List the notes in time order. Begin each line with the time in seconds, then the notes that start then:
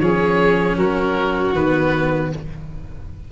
0.00 F3 C#4 G#4 C#5
0.77 F#3 F#4 A#4
1.53 D#3 B3 B4